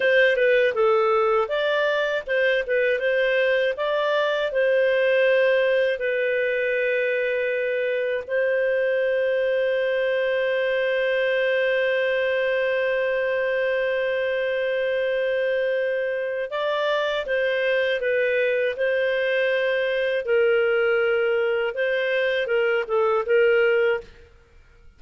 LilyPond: \new Staff \with { instrumentName = "clarinet" } { \time 4/4 \tempo 4 = 80 c''8 b'8 a'4 d''4 c''8 b'8 | c''4 d''4 c''2 | b'2. c''4~ | c''1~ |
c''1~ | c''2 d''4 c''4 | b'4 c''2 ais'4~ | ais'4 c''4 ais'8 a'8 ais'4 | }